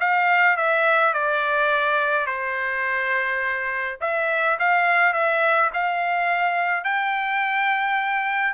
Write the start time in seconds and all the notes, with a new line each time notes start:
0.00 F5
0.57 E5
1.14 D5
2.26 C5
4.01 E5
4.59 F5
5.13 E5
5.74 F5
6.84 G5